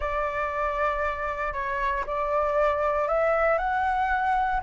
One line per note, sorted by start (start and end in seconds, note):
0.00 1.53 D5
1.53 2.04 C#5
2.06 3.08 D5
3.08 3.58 E5
3.58 4.60 F#5